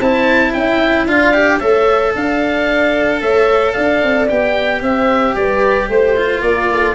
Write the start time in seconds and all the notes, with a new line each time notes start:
0.00 C4 E4 C5 A5
0.53 C#4 E5 G5
1.07 D4 F4 D5 F5
1.34 G4
1.59 A3 A4 C#5 E5
2.16 D4 D5 F5
3.21 A3 C#5 E5
3.73 D4 D5 F5
4.03 C4
4.29 B3 G4 G5
4.82 C4 C5 E5
5.36 G3 B4 D5
5.89 A3 C5
6.17 F4
6.42 A#3 A#4 D5
6.72 A4